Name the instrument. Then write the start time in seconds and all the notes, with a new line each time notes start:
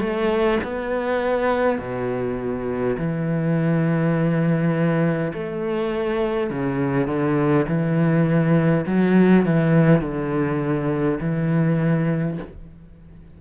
cello
0.00 A3
0.64 B3
1.79 B2
2.98 E3
5.34 A3
6.50 C#3
7.07 D3
7.68 E3
8.87 F#3
9.45 E3
10.02 D3
11.21 E3